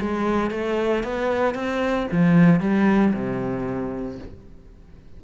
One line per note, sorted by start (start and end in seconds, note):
0.00 0.51 G#3
0.51 1.03 A3
1.03 1.55 B3
1.55 2.07 C4
2.11 2.60 F3
2.60 3.13 G3
3.13 4.18 C3